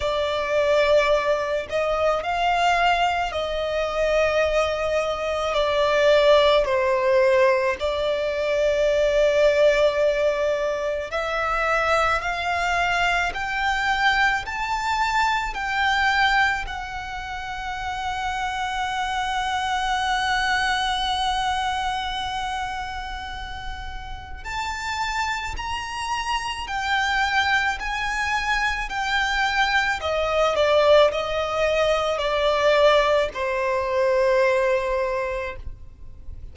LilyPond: \new Staff \with { instrumentName = "violin" } { \time 4/4 \tempo 4 = 54 d''4. dis''8 f''4 dis''4~ | dis''4 d''4 c''4 d''4~ | d''2 e''4 f''4 | g''4 a''4 g''4 fis''4~ |
fis''1~ | fis''2 a''4 ais''4 | g''4 gis''4 g''4 dis''8 d''8 | dis''4 d''4 c''2 | }